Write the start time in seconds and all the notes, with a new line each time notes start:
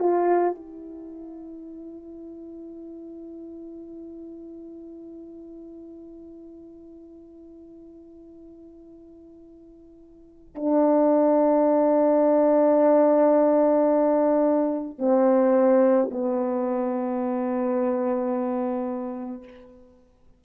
0.00 F4
0.56 E4
10.56 D4
14.99 C4
16.11 B3